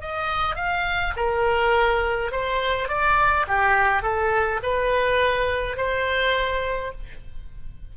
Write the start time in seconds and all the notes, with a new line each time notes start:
0.00 D#5
0.55 F5
1.16 A#4
2.31 C5
2.88 D5
3.47 G4
4.02 A4
4.63 B4
5.76 C5